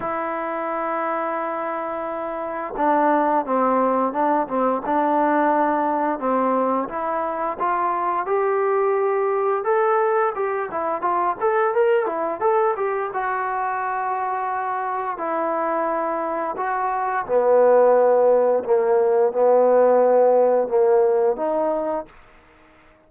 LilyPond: \new Staff \with { instrumentName = "trombone" } { \time 4/4 \tempo 4 = 87 e'1 | d'4 c'4 d'8 c'8 d'4~ | d'4 c'4 e'4 f'4 | g'2 a'4 g'8 e'8 |
f'8 a'8 ais'8 e'8 a'8 g'8 fis'4~ | fis'2 e'2 | fis'4 b2 ais4 | b2 ais4 dis'4 | }